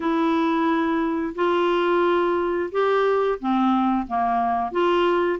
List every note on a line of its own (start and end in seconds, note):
0.00 1.33 E4
1.35 2.70 F4
2.71 3.39 G4
3.39 4.06 C4
4.07 4.71 A#3
4.71 5.39 F4